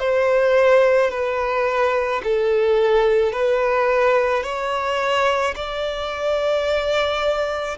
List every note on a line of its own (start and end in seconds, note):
0.00 1.11 C5
1.11 2.22 B4
2.24 3.33 A4
3.33 4.43 B4
4.43 5.55 C#5
5.56 7.78 D5